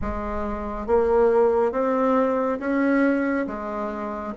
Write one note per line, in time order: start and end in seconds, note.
0.01 0.87 G#3
0.87 1.72 A#3
1.72 2.58 C4
2.59 3.46 C#4
3.46 4.33 G#3